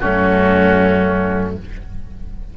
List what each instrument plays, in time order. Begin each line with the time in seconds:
0.00 cello F#2, viola A3, oboe C#4 F#4